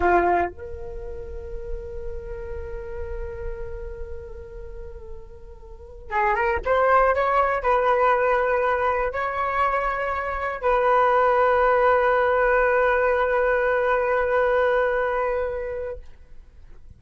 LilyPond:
\new Staff \with { instrumentName = "flute" } { \time 4/4 \tempo 4 = 120 f'4 ais'2.~ | ais'1~ | ais'1~ | ais'16 gis'8 ais'8 c''4 cis''4 b'8.~ |
b'2~ b'16 cis''4.~ cis''16~ | cis''4~ cis''16 b'2~ b'8.~ | b'1~ | b'1 | }